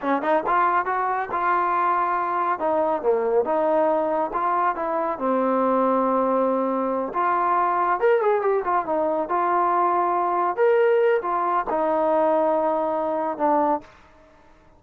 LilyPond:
\new Staff \with { instrumentName = "trombone" } { \time 4/4 \tempo 4 = 139 cis'8 dis'8 f'4 fis'4 f'4~ | f'2 dis'4 ais4 | dis'2 f'4 e'4 | c'1~ |
c'8 f'2 ais'8 gis'8 g'8 | f'8 dis'4 f'2~ f'8~ | f'8 ais'4. f'4 dis'4~ | dis'2. d'4 | }